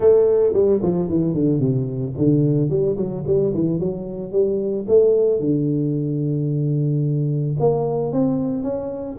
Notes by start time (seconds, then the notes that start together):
0.00 A3
0.53 G3
0.82 F3
1.09 E3
1.34 D3
1.59 C3
2.17 D3
2.69 G3
2.96 F#3
3.26 G3
3.54 E3
3.79 F#3
4.31 G3
4.88 A3
5.40 D3
7.59 A#3
8.12 C4
8.63 C#4